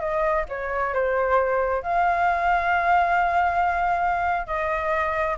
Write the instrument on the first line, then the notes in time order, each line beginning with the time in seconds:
flute
0.00 D#5
0.49 C#5
0.94 C5
1.82 F5
4.47 D#5